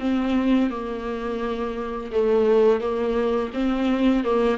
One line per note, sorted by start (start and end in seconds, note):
0.00 0.71 C4
0.71 2.12 A#3
2.12 2.81 A3
2.81 3.51 A#3
3.54 4.24 C4
4.24 4.58 A#3